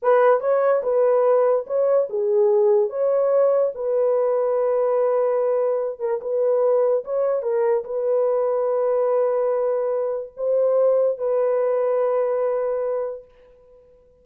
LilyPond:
\new Staff \with { instrumentName = "horn" } { \time 4/4 \tempo 4 = 145 b'4 cis''4 b'2 | cis''4 gis'2 cis''4~ | cis''4 b'2.~ | b'2~ b'8 ais'8 b'4~ |
b'4 cis''4 ais'4 b'4~ | b'1~ | b'4 c''2 b'4~ | b'1 | }